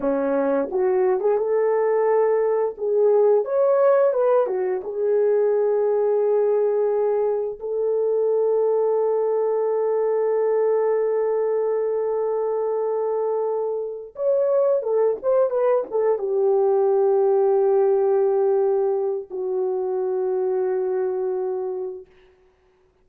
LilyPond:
\new Staff \with { instrumentName = "horn" } { \time 4/4 \tempo 4 = 87 cis'4 fis'8. gis'16 a'2 | gis'4 cis''4 b'8 fis'8 gis'4~ | gis'2. a'4~ | a'1~ |
a'1~ | a'8 cis''4 a'8 c''8 b'8 a'8 g'8~ | g'1 | fis'1 | }